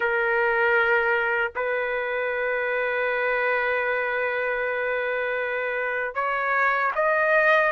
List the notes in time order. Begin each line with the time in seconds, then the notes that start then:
0.00 A#4
1.55 B4
6.14 C#5
6.95 D#5